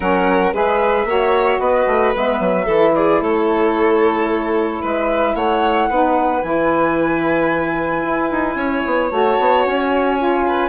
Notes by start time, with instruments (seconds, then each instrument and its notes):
0.00 bassoon F#3, saxophone C#4, violin A#4, flute F#5
0.53 bassoon G#3, saxophone G#4, violin B4, flute E5
1.04 bassoon A#3, saxophone F#4, violin C#5
1.58 bassoon B3, violin B4, flute D#5
1.86 bassoon A3
2.14 bassoon G#3, saxophone B3, flute E5
2.39 bassoon F#3
2.65 bassoon E3, violin A4
2.71 saxophone E4
2.94 violin G#4, flute D5
3.20 bassoon A3, violin A4, flute C#5
4.81 bassoon G#3, violin B4, flute E5
5.34 bassoon A3, violin C#5, flute F#5
5.89 bassoon B3, saxophone D#4, violin B4
6.42 bassoon E3, saxophone E4, flute G#5
8.04 bassoon E4
8.30 bassoon D#4
8.55 bassoon C#4, violin C#5
8.85 bassoon B3
9.10 bassoon A3, saxophone F#4, flute A5
9.39 bassoon B3
9.65 bassoon C#4, flute G#5
10.17 saxophone F4
10.47 violin B4